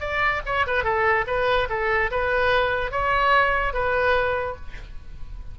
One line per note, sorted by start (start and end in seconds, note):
0.00 0.41 D5
0.45 0.66 C#5
0.66 0.84 B4
0.84 1.25 A4
1.27 1.68 B4
1.69 2.10 A4
2.11 2.91 B4
2.91 3.73 C#5
3.73 4.56 B4